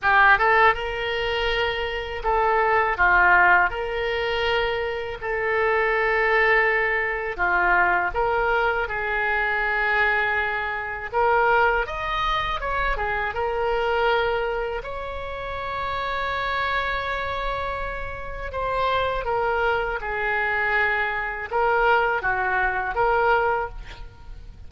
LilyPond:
\new Staff \with { instrumentName = "oboe" } { \time 4/4 \tempo 4 = 81 g'8 a'8 ais'2 a'4 | f'4 ais'2 a'4~ | a'2 f'4 ais'4 | gis'2. ais'4 |
dis''4 cis''8 gis'8 ais'2 | cis''1~ | cis''4 c''4 ais'4 gis'4~ | gis'4 ais'4 fis'4 ais'4 | }